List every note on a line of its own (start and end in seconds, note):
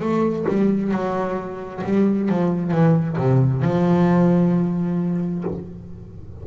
0.00 0.45 A3
0.48 0.92 G3
0.92 1.83 F#3
1.84 2.29 G3
2.29 2.71 F3
2.71 3.17 E3
3.18 3.62 C3
3.62 5.44 F3